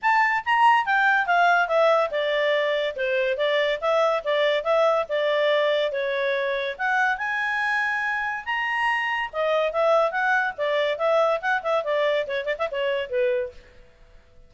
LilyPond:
\new Staff \with { instrumentName = "clarinet" } { \time 4/4 \tempo 4 = 142 a''4 ais''4 g''4 f''4 | e''4 d''2 c''4 | d''4 e''4 d''4 e''4 | d''2 cis''2 |
fis''4 gis''2. | ais''2 dis''4 e''4 | fis''4 d''4 e''4 fis''8 e''8 | d''4 cis''8 d''16 e''16 cis''4 b'4 | }